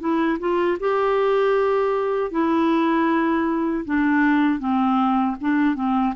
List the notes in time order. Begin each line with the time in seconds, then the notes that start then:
0.00 E4
0.40 F4
0.80 G4
2.31 E4
3.85 D4
4.60 C4
5.41 D4
5.76 C4